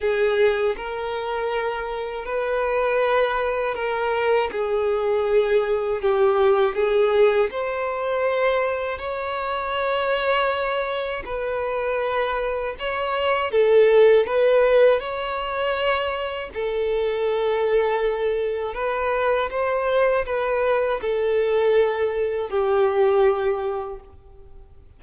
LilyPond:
\new Staff \with { instrumentName = "violin" } { \time 4/4 \tempo 4 = 80 gis'4 ais'2 b'4~ | b'4 ais'4 gis'2 | g'4 gis'4 c''2 | cis''2. b'4~ |
b'4 cis''4 a'4 b'4 | cis''2 a'2~ | a'4 b'4 c''4 b'4 | a'2 g'2 | }